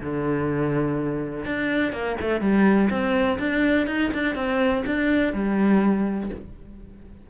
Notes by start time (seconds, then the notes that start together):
0.00 D3
1.45 D4
1.92 A#3
2.20 A3
2.41 G3
2.90 C4
3.39 D4
3.87 D#4
4.13 D4
4.35 C4
4.86 D4
5.33 G3